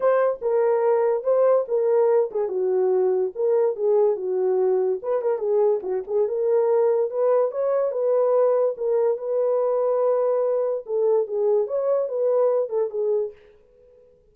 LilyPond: \new Staff \with { instrumentName = "horn" } { \time 4/4 \tempo 4 = 144 c''4 ais'2 c''4 | ais'4. gis'8 fis'2 | ais'4 gis'4 fis'2 | b'8 ais'8 gis'4 fis'8 gis'8 ais'4~ |
ais'4 b'4 cis''4 b'4~ | b'4 ais'4 b'2~ | b'2 a'4 gis'4 | cis''4 b'4. a'8 gis'4 | }